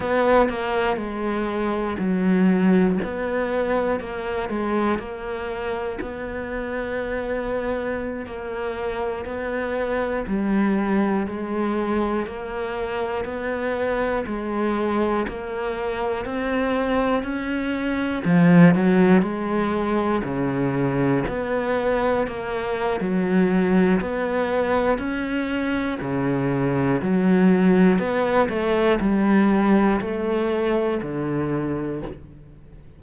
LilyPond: \new Staff \with { instrumentName = "cello" } { \time 4/4 \tempo 4 = 60 b8 ais8 gis4 fis4 b4 | ais8 gis8 ais4 b2~ | b16 ais4 b4 g4 gis8.~ | gis16 ais4 b4 gis4 ais8.~ |
ais16 c'4 cis'4 f8 fis8 gis8.~ | gis16 cis4 b4 ais8. fis4 | b4 cis'4 cis4 fis4 | b8 a8 g4 a4 d4 | }